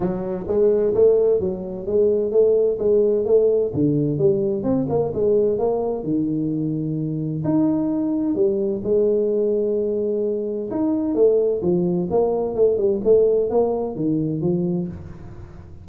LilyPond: \new Staff \with { instrumentName = "tuba" } { \time 4/4 \tempo 4 = 129 fis4 gis4 a4 fis4 | gis4 a4 gis4 a4 | d4 g4 c'8 ais8 gis4 | ais4 dis2. |
dis'2 g4 gis4~ | gis2. dis'4 | a4 f4 ais4 a8 g8 | a4 ais4 dis4 f4 | }